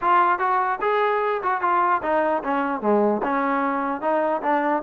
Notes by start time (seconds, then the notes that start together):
0.01 F4
0.38 F#4
0.81 G#4
1.42 F#4
1.61 F4
2.02 D#4
2.43 C#4
2.81 G#3
3.23 C#4
4.01 D#4
4.42 D4